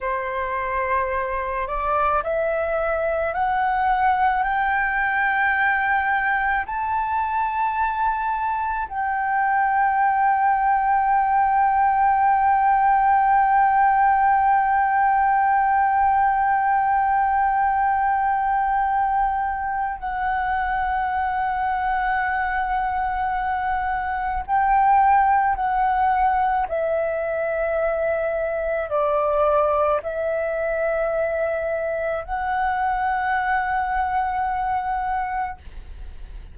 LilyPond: \new Staff \with { instrumentName = "flute" } { \time 4/4 \tempo 4 = 54 c''4. d''8 e''4 fis''4 | g''2 a''2 | g''1~ | g''1~ |
g''2 fis''2~ | fis''2 g''4 fis''4 | e''2 d''4 e''4~ | e''4 fis''2. | }